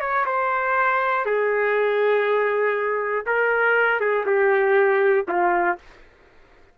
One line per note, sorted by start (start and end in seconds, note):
0.00 0.25 C#5
0.25 1.25 C5
1.25 3.25 G#4
3.26 4.00 A#4
4.00 4.25 G#4
4.25 5.25 G4
5.27 5.77 F4